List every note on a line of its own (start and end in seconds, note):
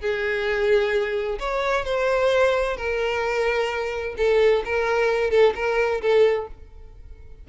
0.00 1.38 G#4
1.39 1.84 C#5
1.84 2.76 C5
2.76 4.15 A#4
4.17 4.63 A4
4.64 5.30 A#4
5.30 5.53 A4
5.55 6.01 A#4
6.01 6.47 A4